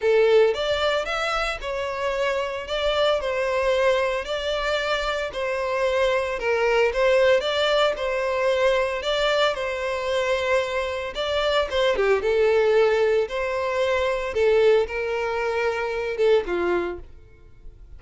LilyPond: \new Staff \with { instrumentName = "violin" } { \time 4/4 \tempo 4 = 113 a'4 d''4 e''4 cis''4~ | cis''4 d''4 c''2 | d''2 c''2 | ais'4 c''4 d''4 c''4~ |
c''4 d''4 c''2~ | c''4 d''4 c''8 g'8 a'4~ | a'4 c''2 a'4 | ais'2~ ais'8 a'8 f'4 | }